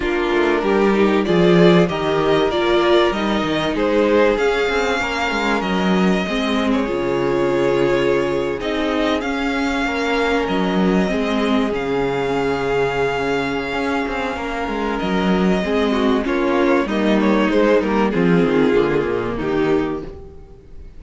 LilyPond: <<
  \new Staff \with { instrumentName = "violin" } { \time 4/4 \tempo 4 = 96 ais'2 d''4 dis''4 | d''4 dis''4 c''4 f''4~ | f''4 dis''4.~ dis''16 cis''4~ cis''16~ | cis''4.~ cis''16 dis''4 f''4~ f''16~ |
f''8. dis''2 f''4~ f''16~ | f''1 | dis''2 cis''4 dis''8 cis''8 | c''8 ais'8 gis'2 g'4 | }
  \new Staff \with { instrumentName = "violin" } { \time 4/4 f'4 g'4 gis'4 ais'4~ | ais'2 gis'2 | ais'2 gis'2~ | gis'2.~ gis'8. ais'16~ |
ais'4.~ ais'16 gis'2~ gis'16~ | gis'2. ais'4~ | ais'4 gis'8 fis'8 f'4 dis'4~ | dis'4 f'2 dis'4 | }
  \new Staff \with { instrumentName = "viola" } { \time 4/4 d'4. dis'8 f'4 g'4 | f'4 dis'2 cis'4~ | cis'2 c'4 f'4~ | f'4.~ f'16 dis'4 cis'4~ cis'16~ |
cis'4.~ cis'16 c'4 cis'4~ cis'16~ | cis'1~ | cis'4 c'4 cis'4 ais4 | gis8 ais8 c'4 ais2 | }
  \new Staff \with { instrumentName = "cello" } { \time 4/4 ais8 a8 g4 f4 dis4 | ais4 g8 dis8 gis4 cis'8 c'8 | ais8 gis8 fis4 gis4 cis4~ | cis4.~ cis16 c'4 cis'4 ais16~ |
ais8. fis4 gis4 cis4~ cis16~ | cis2 cis'8 c'8 ais8 gis8 | fis4 gis4 ais4 g4 | gis8 g8 f8 dis8 d8 ais,8 dis4 | }
>>